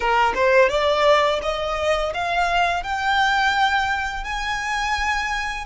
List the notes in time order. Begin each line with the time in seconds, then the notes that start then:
0.00 A#4
0.34 C5
0.69 D5
1.42 D#5
2.14 F5
2.83 G5
4.24 G#5